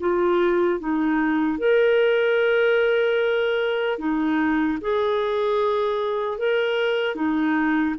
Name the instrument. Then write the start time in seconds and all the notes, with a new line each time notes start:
clarinet
0.00 F4
0.80 D#4
1.59 A#4
3.99 D#4
4.81 G#4
6.38 A#4
7.16 D#4